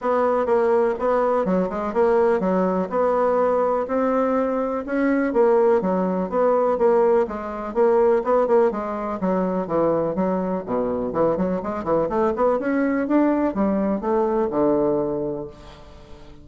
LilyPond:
\new Staff \with { instrumentName = "bassoon" } { \time 4/4 \tempo 4 = 124 b4 ais4 b4 fis8 gis8 | ais4 fis4 b2 | c'2 cis'4 ais4 | fis4 b4 ais4 gis4 |
ais4 b8 ais8 gis4 fis4 | e4 fis4 b,4 e8 fis8 | gis8 e8 a8 b8 cis'4 d'4 | g4 a4 d2 | }